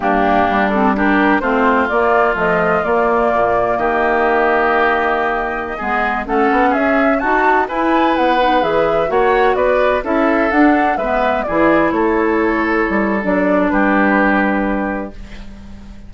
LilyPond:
<<
  \new Staff \with { instrumentName = "flute" } { \time 4/4 \tempo 4 = 127 g'4. a'8 ais'4 c''4 | d''4 dis''4 d''2 | dis''1~ | dis''4~ dis''16 fis''4 e''4 a''8.~ |
a''16 gis''4 fis''4 e''4 fis''8.~ | fis''16 d''4 e''4 fis''4 e''8.~ | e''16 d''4 cis''2~ cis''8. | d''4 b'2. | }
  \new Staff \with { instrumentName = "oboe" } { \time 4/4 d'2 g'4 f'4~ | f'1 | g'1~ | g'16 gis'4 a'4 gis'4 fis'8.~ |
fis'16 b'2. cis''8.~ | cis''16 b'4 a'2 b'8.~ | b'16 gis'4 a'2~ a'8.~ | a'4 g'2. | }
  \new Staff \with { instrumentName = "clarinet" } { \time 4/4 ais4. c'8 d'4 c'4 | ais4 f4 ais2~ | ais1~ | ais16 b4 cis'2 fis'8.~ |
fis'16 e'4. dis'8 gis'4 fis'8.~ | fis'4~ fis'16 e'4 d'4 b8.~ | b16 e'2.~ e'8. | d'1 | }
  \new Staff \with { instrumentName = "bassoon" } { \time 4/4 g,4 g2 a4 | ais4 a4 ais4 ais,4 | dis1~ | dis16 gis4 a8 b8 cis'4 dis'8.~ |
dis'16 e'4 b4 e4 ais8.~ | ais16 b4 cis'4 d'4 gis8.~ | gis16 e4 a2 g8. | fis4 g2. | }
>>